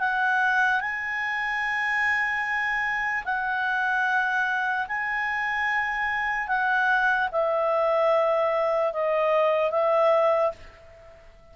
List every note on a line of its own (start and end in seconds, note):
0.00 0.81 F#5
0.81 3.24 G#5
3.25 4.87 F#5
4.88 6.48 G#5
6.48 7.29 F#5
7.32 8.94 E5
8.94 9.71 D#5
9.71 10.52 E5